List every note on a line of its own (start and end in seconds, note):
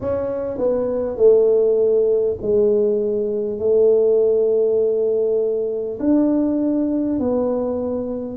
0.00 0.58 C#4
0.58 1.17 B3
1.17 2.37 A3
2.41 3.58 G#3
3.58 5.98 A3
5.99 7.19 D4
7.19 8.37 B3